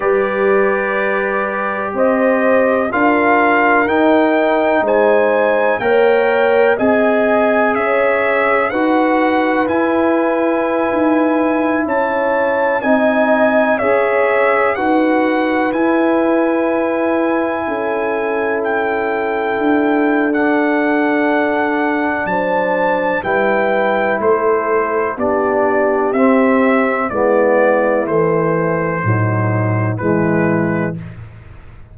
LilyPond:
<<
  \new Staff \with { instrumentName = "trumpet" } { \time 4/4 \tempo 4 = 62 d''2 dis''4 f''4 | g''4 gis''4 g''4 gis''4 | e''4 fis''4 gis''2~ | gis''16 a''4 gis''4 e''4 fis''8.~ |
fis''16 gis''2. g''8.~ | g''4 fis''2 a''4 | g''4 c''4 d''4 e''4 | d''4 c''2 b'4 | }
  \new Staff \with { instrumentName = "horn" } { \time 4/4 b'2 c''4 ais'4~ | ais'4 c''4 cis''4 dis''4 | cis''4 b'2.~ | b'16 cis''4 dis''4 cis''4 b'8.~ |
b'2~ b'16 a'4.~ a'16~ | a'2. c''4 | b'4 a'4 g'2 | e'2 dis'4 e'4 | }
  \new Staff \with { instrumentName = "trombone" } { \time 4/4 g'2. f'4 | dis'2 ais'4 gis'4~ | gis'4 fis'4 e'2~ | e'4~ e'16 dis'4 gis'4 fis'8.~ |
fis'16 e'2.~ e'8.~ | e'4 d'2. | e'2 d'4 c'4 | b4 e4 fis4 gis4 | }
  \new Staff \with { instrumentName = "tuba" } { \time 4/4 g2 c'4 d'4 | dis'4 gis4 ais4 c'4 | cis'4 dis'4 e'4~ e'16 dis'8.~ | dis'16 cis'4 c'4 cis'4 dis'8.~ |
dis'16 e'2 cis'4.~ cis'16~ | cis'16 d'2~ d'8. fis4 | g4 a4 b4 c'4 | gis4 a4 a,4 e4 | }
>>